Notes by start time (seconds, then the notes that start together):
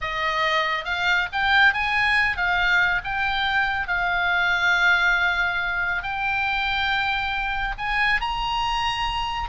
0.01 D#5
0.84 F5
1.32 G5
1.73 G#5
2.36 F5
3.04 G5
3.87 F5
6.02 G5
7.77 G#5
8.20 A#5